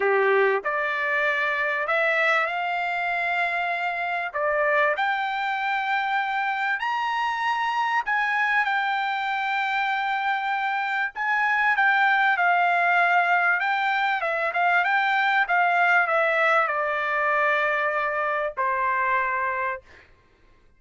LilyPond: \new Staff \with { instrumentName = "trumpet" } { \time 4/4 \tempo 4 = 97 g'4 d''2 e''4 | f''2. d''4 | g''2. ais''4~ | ais''4 gis''4 g''2~ |
g''2 gis''4 g''4 | f''2 g''4 e''8 f''8 | g''4 f''4 e''4 d''4~ | d''2 c''2 | }